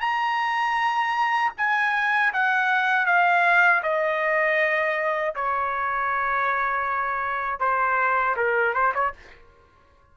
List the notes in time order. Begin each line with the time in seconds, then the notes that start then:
0.00 A#5
1.57 G#5
2.33 F#5
3.06 F5
3.83 D#5
5.35 C#5
7.59 C5
8.36 A#4
8.74 C5
8.94 C#5